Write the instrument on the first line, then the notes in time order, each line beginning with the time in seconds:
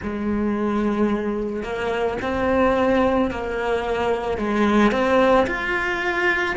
cello
0.02 G#3
1.63 A#3
2.21 C4
3.30 A#3
4.37 G#3
4.91 C4
5.46 F4